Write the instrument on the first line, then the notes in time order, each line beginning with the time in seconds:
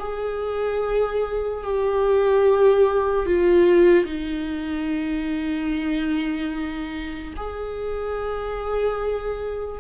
viola
0.00 G#4
1.64 G4
3.26 F4
4.05 D#4
7.37 G#4